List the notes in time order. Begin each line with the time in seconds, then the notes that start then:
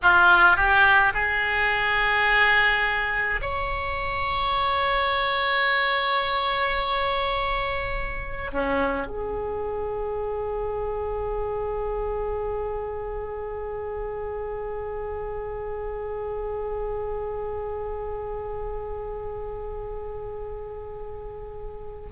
0.02 F4
0.56 G4
1.13 G#4
3.41 C#5
8.52 C#4
9.06 G#4